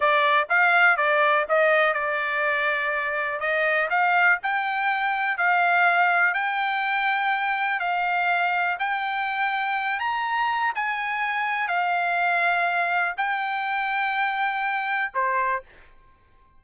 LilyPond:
\new Staff \with { instrumentName = "trumpet" } { \time 4/4 \tempo 4 = 123 d''4 f''4 d''4 dis''4 | d''2. dis''4 | f''4 g''2 f''4~ | f''4 g''2. |
f''2 g''2~ | g''8 ais''4. gis''2 | f''2. g''4~ | g''2. c''4 | }